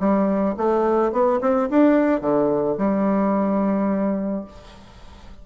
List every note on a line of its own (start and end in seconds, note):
0.00 0.56 G3
0.57 1.12 A3
1.12 1.40 B3
1.41 1.69 C4
1.70 2.21 D4
2.21 2.77 D3
2.78 4.45 G3